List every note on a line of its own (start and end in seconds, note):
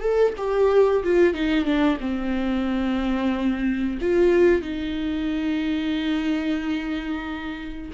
0.00 0.33 A4
0.37 1.03 G4
1.03 1.33 F4
1.33 1.65 D#4
1.65 1.98 D4
2.00 3.98 C4
4.01 4.61 F4
4.61 7.91 D#4